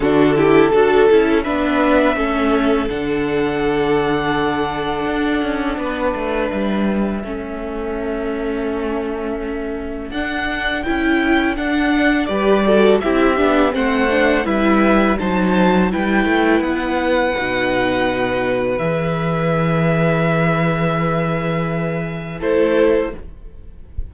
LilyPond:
<<
  \new Staff \with { instrumentName = "violin" } { \time 4/4 \tempo 4 = 83 a'2 e''2 | fis''1~ | fis''4 e''2.~ | e''2 fis''4 g''4 |
fis''4 d''4 e''4 fis''4 | e''4 a''4 g''4 fis''4~ | fis''2 e''2~ | e''2. c''4 | }
  \new Staff \with { instrumentName = "violin" } { \time 4/4 fis'8 g'8 a'4 b'4 a'4~ | a'1 | b'2 a'2~ | a'1~ |
a'4 b'8 a'8 g'4 c''4 | b'4 c''4 b'2~ | b'1~ | b'2. a'4 | }
  \new Staff \with { instrumentName = "viola" } { \time 4/4 d'8 e'8 fis'8 e'8 d'4 cis'4 | d'1~ | d'2 cis'2~ | cis'2 d'4 e'4 |
d'4 g'8 fis'8 e'8 d'8 c'8 d'8 | e'4 dis'4 e'2 | dis'2 gis'2~ | gis'2. e'4 | }
  \new Staff \with { instrumentName = "cello" } { \time 4/4 d4 d'8 cis'8 b4 a4 | d2. d'8 cis'8 | b8 a8 g4 a2~ | a2 d'4 cis'4 |
d'4 g4 c'8 b8 a4 | g4 fis4 g8 a8 b4 | b,2 e2~ | e2. a4 | }
>>